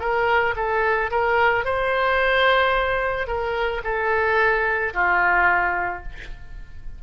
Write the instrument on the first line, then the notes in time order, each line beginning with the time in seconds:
oboe
0.00 A#4
0.56 A4
1.11 A#4
1.65 C5
3.27 A#4
3.84 A4
4.94 F4